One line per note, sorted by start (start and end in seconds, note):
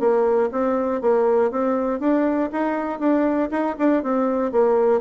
0.00 0.50 A#3
0.52 1.02 C4
1.02 1.51 A#3
1.51 2.00 C4
2.00 2.50 D4
2.52 3.00 D#4
3.00 3.50 D4
3.51 3.76 D#4
3.79 4.03 D4
4.03 4.52 C4
4.52 5.01 A#3